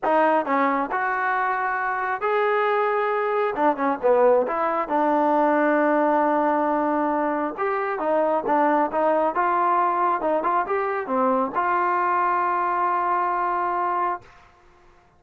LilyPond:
\new Staff \with { instrumentName = "trombone" } { \time 4/4 \tempo 4 = 135 dis'4 cis'4 fis'2~ | fis'4 gis'2. | d'8 cis'8 b4 e'4 d'4~ | d'1~ |
d'4 g'4 dis'4 d'4 | dis'4 f'2 dis'8 f'8 | g'4 c'4 f'2~ | f'1 | }